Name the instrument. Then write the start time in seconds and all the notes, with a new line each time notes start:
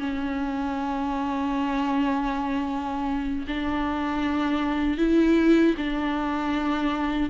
viola
0.00 C#4
3.48 D4
4.98 E4
5.77 D4